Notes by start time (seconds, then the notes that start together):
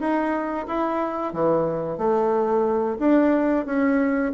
0.00 D#4
0.67 E4
1.33 E3
1.98 A3
2.99 D4
3.66 C#4